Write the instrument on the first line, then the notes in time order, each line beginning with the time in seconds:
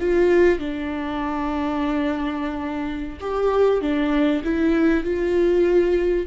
viola
0.00 F4
0.59 D4
3.20 G4
3.81 D4
4.44 E4
5.04 F4